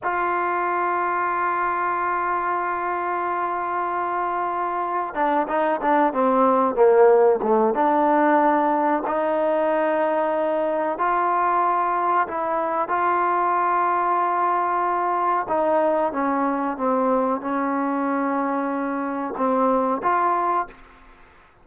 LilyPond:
\new Staff \with { instrumentName = "trombone" } { \time 4/4 \tempo 4 = 93 f'1~ | f'1 | d'8 dis'8 d'8 c'4 ais4 a8 | d'2 dis'2~ |
dis'4 f'2 e'4 | f'1 | dis'4 cis'4 c'4 cis'4~ | cis'2 c'4 f'4 | }